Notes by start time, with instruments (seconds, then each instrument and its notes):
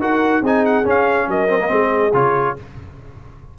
0.00 tuba D#4, trombone F#4, horn A#4, trumpet F#5
0.42 tuba C4, trombone D#4, horn G#4, trumpet G#5
0.66 trumpet F#5
0.84 trombone C#4, tuba C#4, trumpet F5
1.28 tuba F#3, horn A#4, trumpet D#5
1.49 trombone C4
1.60 trombone A#3
1.68 tuba G#3, trombone C4, horn G#4
2.14 tuba C#3, trombone F4, trumpet C#5